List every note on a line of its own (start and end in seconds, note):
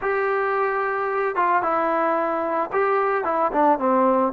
0.01 1.35 G4
1.35 1.62 F4
1.62 2.70 E4
2.72 3.24 G4
3.24 3.51 E4
3.52 3.78 D4
3.78 4.32 C4